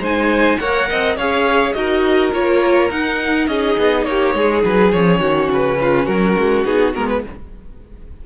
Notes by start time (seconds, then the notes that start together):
0.00 G#3 D#4 C5 G#5
0.59 A#3 A#4 C#5 F#5
0.90 C4 D#5
1.16 C#4 G#4 C#5 F5
1.73 D#4 F#4 A#4 D#5
2.33 A#3 F4 C#5
2.90 D#4 F#5
3.47 C#4 G#4 D#5
3.78 B3
4.04 A#3 G4 C#5
4.35 G#3 G#4
4.64 F#3 B4
4.92 F3 C#4 C#5
5.20 D#3 F#4
5.51 C#3 B4
5.81 F4
6.06 F#3 F#4 A#4
6.37 G#3
6.65 B3 D#4 G#4
6.94 G#3 B3 A#4
7.08 B4